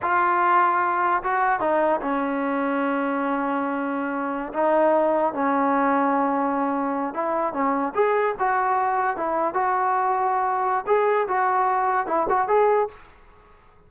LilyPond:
\new Staff \with { instrumentName = "trombone" } { \time 4/4 \tempo 4 = 149 f'2. fis'4 | dis'4 cis'2.~ | cis'2.~ cis'16 dis'8.~ | dis'4~ dis'16 cis'2~ cis'8.~ |
cis'4.~ cis'16 e'4 cis'4 gis'16~ | gis'8. fis'2 e'4 fis'16~ | fis'2. gis'4 | fis'2 e'8 fis'8 gis'4 | }